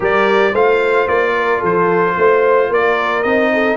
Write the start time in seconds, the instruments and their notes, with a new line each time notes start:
0.00 tuba G3, trombone G4, horn A#4, trumpet D5
0.51 tuba A3, trombone F4, horn C5, trumpet F5
1.08 tuba A#3, trumpet D5
1.36 horn A#4
1.60 tuba F3, horn A4, trumpet C5
2.17 tuba A3, horn C5
2.69 tuba A#3, horn A#4, trumpet D5
3.23 tuba C4, trombone D#4, trumpet D#5
3.53 horn A4